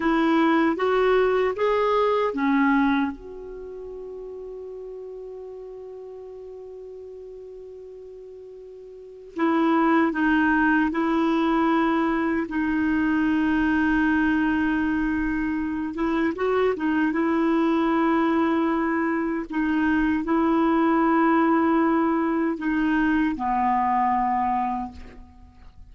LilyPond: \new Staff \with { instrumentName = "clarinet" } { \time 4/4 \tempo 4 = 77 e'4 fis'4 gis'4 cis'4 | fis'1~ | fis'1 | e'4 dis'4 e'2 |
dis'1~ | dis'8 e'8 fis'8 dis'8 e'2~ | e'4 dis'4 e'2~ | e'4 dis'4 b2 | }